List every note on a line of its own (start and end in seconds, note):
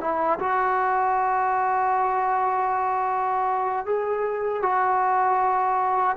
0.00 0.38 E4
0.39 3.85 F#4
3.85 4.62 G#4
4.62 6.16 F#4